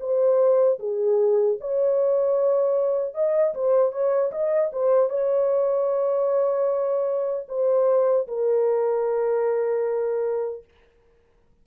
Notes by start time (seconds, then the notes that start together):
0.00 C5
0.79 G#4
1.60 C#5
3.15 D#5
3.55 C5
3.92 C#5
4.31 D#5
4.72 C5
5.10 C#5
7.49 C5
8.28 A#4